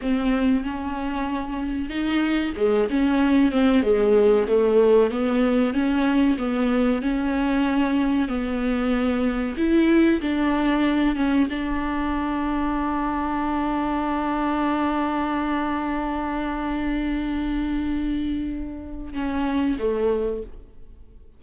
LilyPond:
\new Staff \with { instrumentName = "viola" } { \time 4/4 \tempo 4 = 94 c'4 cis'2 dis'4 | gis8 cis'4 c'8 gis4 a4 | b4 cis'4 b4 cis'4~ | cis'4 b2 e'4 |
d'4. cis'8 d'2~ | d'1~ | d'1~ | d'2 cis'4 a4 | }